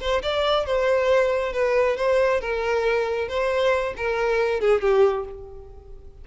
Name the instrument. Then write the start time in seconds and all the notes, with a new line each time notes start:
violin
0.00 C5
0.22 D5
0.66 C5
1.53 B4
1.96 C5
2.40 A#4
3.28 C5
3.97 A#4
4.60 G#4
4.81 G4